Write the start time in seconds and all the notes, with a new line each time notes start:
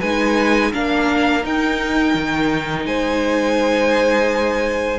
0.00 G#3 D#4 B4 G#5
0.73 A#3 D4 A#4 F5
1.42 D#4 G5
2.15 D#3
2.86 G#3 C5 G#5